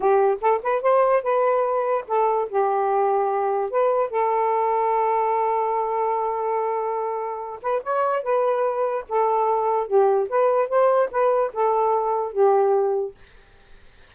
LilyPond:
\new Staff \with { instrumentName = "saxophone" } { \time 4/4 \tempo 4 = 146 g'4 a'8 b'8 c''4 b'4~ | b'4 a'4 g'2~ | g'4 b'4 a'2~ | a'1~ |
a'2~ a'8 b'8 cis''4 | b'2 a'2 | g'4 b'4 c''4 b'4 | a'2 g'2 | }